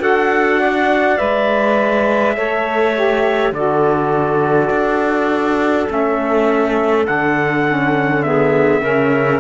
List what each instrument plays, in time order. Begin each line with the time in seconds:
0.00 cello D4, saxophone F#4, clarinet A4, trumpet F#5
0.60 clarinet D5
1.17 cello G#3, saxophone B4, trumpet E5
2.37 cello A3, saxophone A4, clarinet C#5
2.95 saxophone G4
3.52 cello D3, saxophone F#4, clarinet A4, trumpet D5
4.70 cello D4
5.88 cello A3, saxophone C#4, trumpet E5
7.07 cello D3, saxophone D4, trumpet F#5
7.68 saxophone C#4
8.23 saxophone B3, clarinet G#4, trumpet E5
8.82 cello C#3, saxophone C#4, clarinet A#4